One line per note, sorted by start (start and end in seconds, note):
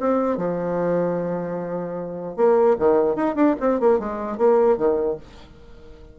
0.00 0.37 C4
0.37 2.36 F3
2.36 2.76 A#3
2.79 3.15 D#3
3.15 3.35 D#4
3.35 3.55 D4
3.60 3.80 C4
3.80 3.99 A#3
3.99 4.38 G#3
4.38 4.77 A#3
4.77 5.17 D#3